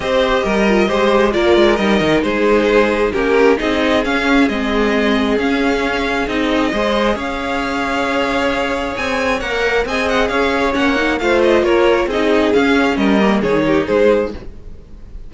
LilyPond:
<<
  \new Staff \with { instrumentName = "violin" } { \time 4/4 \tempo 4 = 134 dis''2. d''4 | dis''4 c''2 ais'4 | dis''4 f''4 dis''2 | f''2 dis''2 |
f''1 | gis''4 fis''4 gis''8 fis''8 f''4 | fis''4 f''8 dis''8 cis''4 dis''4 | f''4 dis''4 cis''4 c''4 | }
  \new Staff \with { instrumentName = "violin" } { \time 4/4 c''4 ais'4 c''4 ais'4~ | ais'4 gis'2 g'4 | gis'1~ | gis'2. c''4 |
cis''1~ | cis''2 dis''4 cis''4~ | cis''4 c''4 ais'4 gis'4~ | gis'4 ais'4 gis'8 g'8 gis'4 | }
  \new Staff \with { instrumentName = "viola" } { \time 4/4 g'4. f'8 g'4 f'4 | dis'2. cis'4 | dis'4 cis'4 c'2 | cis'2 dis'4 gis'4~ |
gis'1~ | gis'4 ais'4 gis'2 | cis'8 dis'8 f'2 dis'4 | cis'4. ais8 dis'2 | }
  \new Staff \with { instrumentName = "cello" } { \time 4/4 c'4 g4 gis4 ais8 gis8 | g8 dis8 gis2 ais4 | c'4 cis'4 gis2 | cis'2 c'4 gis4 |
cis'1 | c'4 ais4 c'4 cis'4 | ais4 a4 ais4 c'4 | cis'4 g4 dis4 gis4 | }
>>